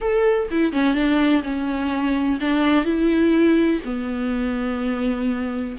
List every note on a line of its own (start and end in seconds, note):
0.00 0.48 A4
0.50 0.72 E4
0.72 0.94 C#4
0.94 1.42 D4
1.43 2.39 C#4
2.40 2.84 D4
2.84 3.80 E4
3.84 5.76 B3